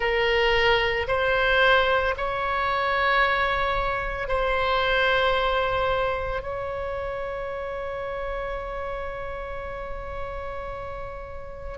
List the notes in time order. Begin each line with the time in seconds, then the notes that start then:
0.00 A#4
1.07 C5
2.17 C#5
4.28 C5
6.42 C#5